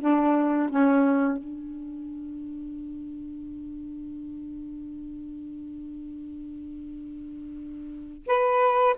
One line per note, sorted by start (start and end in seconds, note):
0.00 0.69 D4
0.69 1.37 C#4
1.37 8.26 D4
8.26 8.95 B4